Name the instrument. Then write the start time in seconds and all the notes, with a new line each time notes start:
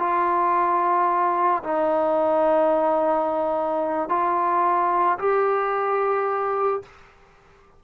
trombone
0.00 F4
1.64 D#4
4.09 F4
5.19 G4